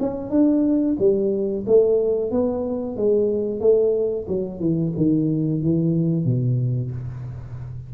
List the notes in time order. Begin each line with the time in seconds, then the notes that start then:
0.00 C#4
0.31 D4
0.99 G3
1.67 A3
2.31 B3
2.97 G#3
3.61 A3
4.28 F#3
4.60 E3
4.97 D#3
5.62 E3
6.25 B2